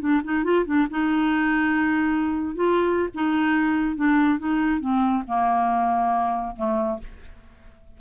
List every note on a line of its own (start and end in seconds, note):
0.00 0.21 D4
0.24 0.44 D#4
0.44 0.65 F4
0.65 0.87 D4
0.90 2.55 D#4
2.55 3.08 F4
3.14 3.96 D#4
3.96 4.39 D4
4.39 4.80 D#4
4.80 5.23 C4
5.27 6.56 A#3
6.56 6.99 A3